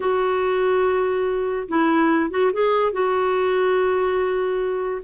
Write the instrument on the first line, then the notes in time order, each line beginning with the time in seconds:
clarinet
0.00 F#4
1.68 E4
2.30 F#4
2.53 G#4
2.92 F#4